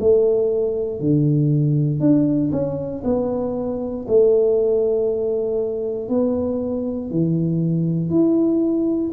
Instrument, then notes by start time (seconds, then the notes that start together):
tuba
0.00 A3
1.00 D3
2.00 D4
2.51 C#4
3.04 B3
4.08 A3
6.08 B3
7.10 E3
8.10 E4